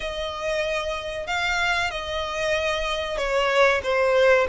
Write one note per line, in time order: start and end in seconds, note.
0.00 1.26 D#5
1.26 1.90 F5
1.90 3.17 D#5
3.17 3.81 C#5
3.83 4.47 C5